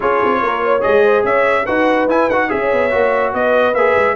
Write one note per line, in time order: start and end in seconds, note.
0.00 0.22 C#4
0.00 0.80 F4
0.00 0.41 G#4
0.00 0.82 C#5
0.23 0.42 C4
0.42 0.83 A#3
0.42 0.63 A#4
0.63 1.04 C#5
0.80 1.23 G#3
0.80 1.64 G#4
0.80 1.23 D#5
1.04 1.24 C5
1.23 1.65 C#4
1.23 1.65 C#5
1.23 1.66 E5
1.65 2.07 D#4
1.65 2.08 F#4
1.65 2.48 B4
1.65 2.07 F#5
2.07 2.28 E4
2.07 2.30 E4
2.07 2.29 G#5
2.29 2.50 D#4
2.29 2.48 F#4
2.29 2.50 F#5
2.48 2.72 C#4
2.48 2.90 G#4
2.48 3.34 C#5
2.48 3.33 E5
2.72 2.93 B3
2.90 3.33 A#3
2.90 3.74 F#4
3.33 3.74 B3
3.33 4.15 B4
3.33 3.74 D#5
3.74 3.95 A#3
3.74 4.15 G#4
3.74 4.15 E5
3.96 4.15 G#3